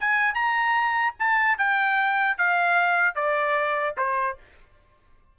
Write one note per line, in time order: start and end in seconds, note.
0.00 0.34 G#5
0.34 1.15 A#5
1.19 1.58 A5
1.58 2.37 G5
2.37 3.15 F5
3.15 3.96 D5
3.97 4.37 C5